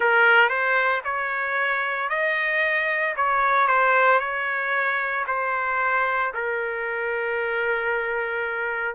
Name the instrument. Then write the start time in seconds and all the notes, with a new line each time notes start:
trumpet
0.00 A#4
0.49 C5
1.04 C#5
2.09 D#5
3.16 C#5
3.67 C5
4.19 C#5
5.27 C5
6.33 A#4